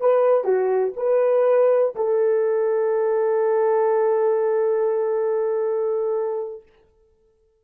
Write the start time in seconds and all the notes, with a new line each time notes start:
0.00 B4
0.44 F#4
0.97 B4
1.95 A4